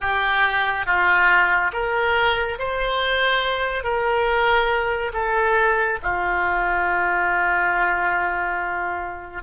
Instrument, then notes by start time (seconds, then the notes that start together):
oboe
0.00 G4
0.86 F4
1.72 A#4
2.58 C5
3.83 A#4
5.13 A4
6.02 F4